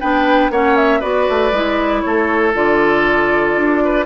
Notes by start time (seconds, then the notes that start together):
0.00 B3 D4 B4 G5
0.50 A#3 C#4 C#5 F#5
0.76 E5
0.99 B3 F#4 B4 D5
1.29 A3
1.51 G#3 E4
2.01 A3 A4 C#5
2.53 D3 F4 D5
3.56 D4
3.84 B4